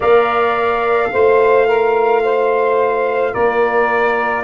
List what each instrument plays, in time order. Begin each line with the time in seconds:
0.00 tuba A#3, trombone A#4, saxophone D5, trumpet F5
1.12 tuba A3, trombone F4, saxophone C5
1.66 saxophone A#4
2.23 saxophone C5
3.32 tuba A#3, saxophone A#4, trumpet D5